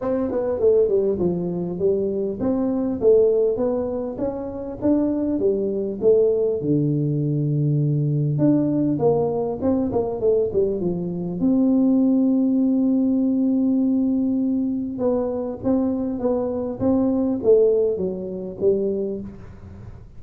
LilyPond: \new Staff \with { instrumentName = "tuba" } { \time 4/4 \tempo 4 = 100 c'8 b8 a8 g8 f4 g4 | c'4 a4 b4 cis'4 | d'4 g4 a4 d4~ | d2 d'4 ais4 |
c'8 ais8 a8 g8 f4 c'4~ | c'1~ | c'4 b4 c'4 b4 | c'4 a4 fis4 g4 | }